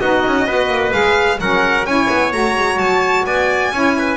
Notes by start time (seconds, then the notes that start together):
0.00 B3 D#4 F#4 D#5
0.27 C#4
0.47 B3 F#4 B4
0.69 A#3
0.91 G#3 G#4 F5
1.40 F#3 C#4 A#4 F#5
1.85 C#4 E4 C#5 G#5
2.10 B3
2.32 A3 F#4 A#5
2.56 G#3
2.78 F#3 A5
3.25 B3 D5 G#5
3.72 C#4 E4 C#5
3.98 B4